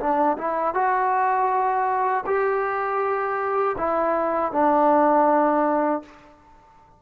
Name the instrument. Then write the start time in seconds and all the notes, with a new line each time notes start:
trombone
0.00 D4
0.38 E4
0.75 F#4
2.27 G4
3.78 E4
4.53 D4